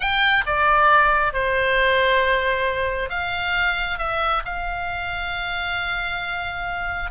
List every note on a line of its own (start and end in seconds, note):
0.00 0.44 G5
0.46 1.33 D5
1.33 3.09 C5
3.09 3.98 F5
3.98 4.42 E5
4.45 7.10 F5